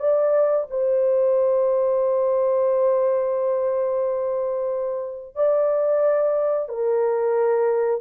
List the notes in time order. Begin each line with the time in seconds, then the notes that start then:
0.00 D5
0.71 C5
5.36 D5
6.69 A#4